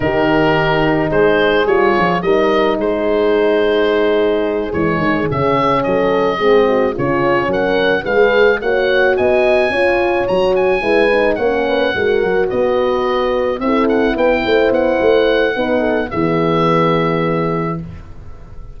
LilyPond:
<<
  \new Staff \with { instrumentName = "oboe" } { \time 4/4 \tempo 4 = 108 ais'2 c''4 cis''4 | dis''4 c''2.~ | c''8 cis''4 e''4 dis''4.~ | dis''8 cis''4 fis''4 f''4 fis''8~ |
fis''8 gis''2 ais''8 gis''4~ | gis''8 fis''2 dis''4.~ | dis''8 e''8 fis''8 g''4 fis''4.~ | fis''4 e''2. | }
  \new Staff \with { instrumentName = "horn" } { \time 4/4 g'2 gis'2 | ais'4 gis'2.~ | gis'2~ gis'8 a'4 gis'8 | fis'8 f'4 ais'4 b'4 cis''8~ |
cis''8 dis''4 cis''2 b'8~ | b'8 cis''8 b'8 ais'4 b'4.~ | b'8 a'4 b'8 c''2 | b'8 a'8 gis'2. | }
  \new Staff \with { instrumentName = "horn" } { \time 4/4 dis'2. f'4 | dis'1~ | dis'8 gis4 cis'2 c'8~ | c'8 cis'2 gis'4 fis'8~ |
fis'4. f'4 fis'4 e'8 | dis'8 cis'4 fis'2~ fis'8~ | fis'8 e'2.~ e'8 | dis'4 b2. | }
  \new Staff \with { instrumentName = "tuba" } { \time 4/4 dis2 gis4 g8 f8 | g4 gis2.~ | gis8 e8 dis8 cis4 fis4 gis8~ | gis8 cis4 fis4 gis4 ais8~ |
ais8 b4 cis'4 fis4 gis8~ | gis8 ais4 gis8 fis8 b4.~ | b8 c'4 b8 a8 b8 a4 | b4 e2. | }
>>